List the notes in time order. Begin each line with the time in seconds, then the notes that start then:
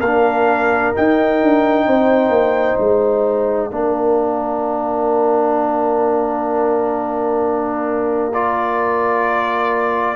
0.00 A#3 A#4 F5
0.06 D4
0.95 D#4 G5
1.42 D4
1.86 C4 C5
2.29 A#3
2.79 G#3 F5
3.71 A#3 D4 A#4
8.33 F4 D5